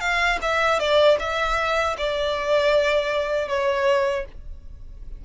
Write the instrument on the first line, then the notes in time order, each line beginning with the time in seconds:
violin
0.00 F5
0.42 E5
0.79 D5
1.19 E5
1.98 D5
3.48 C#5